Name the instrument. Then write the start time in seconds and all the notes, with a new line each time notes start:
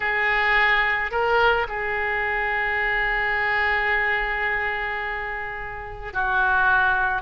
oboe
0.00 G#4
1.11 A#4
1.68 G#4
6.13 F#4